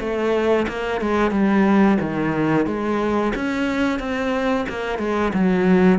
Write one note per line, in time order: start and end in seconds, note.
0.00 0.67 A3
0.68 1.01 A#3
1.01 1.31 G#3
1.31 1.98 G3
2.01 2.67 D#3
2.67 3.33 G#3
3.36 4.00 C#4
4.00 4.66 C4
4.69 4.99 A#3
4.99 5.32 G#3
5.34 5.99 F#3